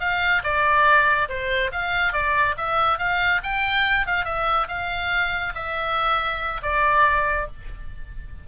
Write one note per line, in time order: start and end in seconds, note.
0.00 0.43 F5
0.43 1.28 D5
1.29 1.71 C5
1.72 2.13 F5
2.13 2.55 D5
2.57 2.98 E5
2.98 3.41 F5
3.43 4.06 G5
4.06 4.25 F5
4.25 4.67 E5
4.68 5.53 F5
5.55 6.61 E5
6.62 7.47 D5